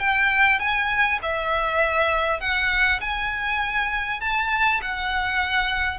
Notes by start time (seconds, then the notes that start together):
0.00 G5
0.60 G#5
1.22 E5
2.40 F#5
3.01 G#5
4.21 A5
4.82 F#5